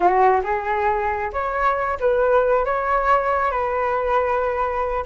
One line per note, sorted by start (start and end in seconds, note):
0.00 0.41 F#4
0.43 1.31 G#4
1.32 1.98 C#5
1.99 2.65 B4
2.65 3.51 C#5
3.51 5.04 B4